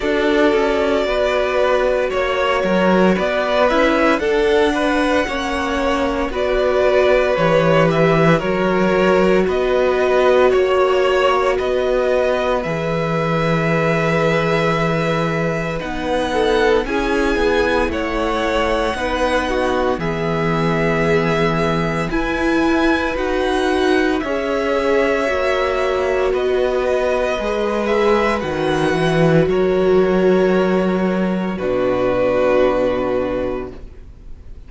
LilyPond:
<<
  \new Staff \with { instrumentName = "violin" } { \time 4/4 \tempo 4 = 57 d''2 cis''4 d''8 e''8 | fis''2 d''4 cis''8 e''8 | cis''4 dis''4 cis''4 dis''4 | e''2. fis''4 |
gis''4 fis''2 e''4~ | e''4 gis''4 fis''4 e''4~ | e''4 dis''4. e''8 fis''4 | cis''2 b'2 | }
  \new Staff \with { instrumentName = "violin" } { \time 4/4 a'4 b'4 cis''8 ais'8 b'4 | a'8 b'8 cis''4 b'2 | ais'4 b'4 cis''4 b'4~ | b'2.~ b'8 a'8 |
gis'4 cis''4 b'8 fis'8 gis'4~ | gis'4 b'2 cis''4~ | cis''4 b'2. | ais'2 fis'2 | }
  \new Staff \with { instrumentName = "viola" } { \time 4/4 fis'2.~ fis'8 e'8 | d'4 cis'4 fis'4 g'4 | fis'1 | gis'2. dis'4 |
e'2 dis'4 b4~ | b4 e'4 fis'4 gis'4 | fis'2 gis'4 fis'4~ | fis'2 d'2 | }
  \new Staff \with { instrumentName = "cello" } { \time 4/4 d'8 cis'8 b4 ais8 fis8 b8 cis'8 | d'4 ais4 b4 e4 | fis4 b4 ais4 b4 | e2. b4 |
cis'8 b8 a4 b4 e4~ | e4 e'4 dis'4 cis'4 | ais4 b4 gis4 dis8 e8 | fis2 b,2 | }
>>